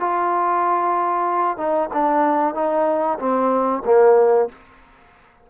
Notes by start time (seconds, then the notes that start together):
0.00 F4
1.58 D#4
1.94 D4
2.55 D#4
3.20 C4
3.86 A#3